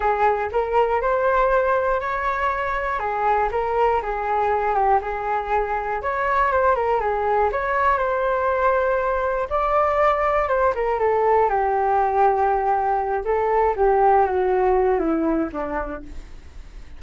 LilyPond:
\new Staff \with { instrumentName = "flute" } { \time 4/4 \tempo 4 = 120 gis'4 ais'4 c''2 | cis''2 gis'4 ais'4 | gis'4. g'8 gis'2 | cis''4 c''8 ais'8 gis'4 cis''4 |
c''2. d''4~ | d''4 c''8 ais'8 a'4 g'4~ | g'2~ g'8 a'4 g'8~ | g'8 fis'4. e'4 d'4 | }